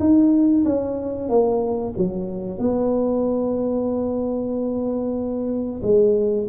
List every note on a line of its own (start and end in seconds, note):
0.00 0.65 D#4
0.65 1.29 C#4
1.29 1.94 A#3
1.98 2.59 F#3
2.59 5.82 B3
5.83 6.48 G#3